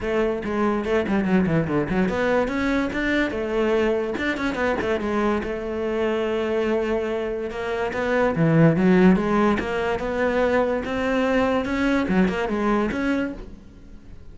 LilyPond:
\new Staff \with { instrumentName = "cello" } { \time 4/4 \tempo 4 = 144 a4 gis4 a8 g8 fis8 e8 | d8 fis8 b4 cis'4 d'4 | a2 d'8 cis'8 b8 a8 | gis4 a2.~ |
a2 ais4 b4 | e4 fis4 gis4 ais4 | b2 c'2 | cis'4 fis8 ais8 gis4 cis'4 | }